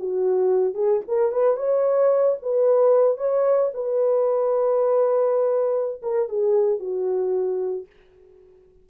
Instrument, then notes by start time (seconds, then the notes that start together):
horn
0.00 F#4
0.75 G#4
1.08 A#4
1.32 B4
1.57 C#5
2.43 B4
3.18 C#5
3.74 B4
6.03 A#4
6.29 G#4
6.80 F#4